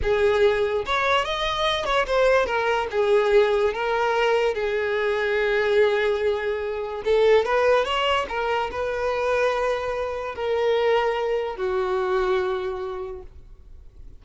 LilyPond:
\new Staff \with { instrumentName = "violin" } { \time 4/4 \tempo 4 = 145 gis'2 cis''4 dis''4~ | dis''8 cis''8 c''4 ais'4 gis'4~ | gis'4 ais'2 gis'4~ | gis'1~ |
gis'4 a'4 b'4 cis''4 | ais'4 b'2.~ | b'4 ais'2. | fis'1 | }